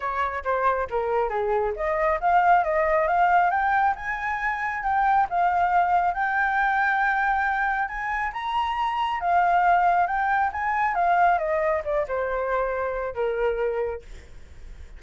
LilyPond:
\new Staff \with { instrumentName = "flute" } { \time 4/4 \tempo 4 = 137 cis''4 c''4 ais'4 gis'4 | dis''4 f''4 dis''4 f''4 | g''4 gis''2 g''4 | f''2 g''2~ |
g''2 gis''4 ais''4~ | ais''4 f''2 g''4 | gis''4 f''4 dis''4 d''8 c''8~ | c''2 ais'2 | }